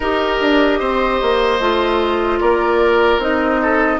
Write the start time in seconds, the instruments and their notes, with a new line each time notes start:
0.00 bassoon D#4, clarinet G4, oboe A#4, flute D#5
0.40 bassoon D4
0.79 bassoon C4, oboe C5
1.21 bassoon A#3
1.60 bassoon A3, clarinet F4
2.40 bassoon A#3, oboe A#4, flute D5
3.18 bassoon C4, clarinet D#4, flute D#5
3.62 oboe A4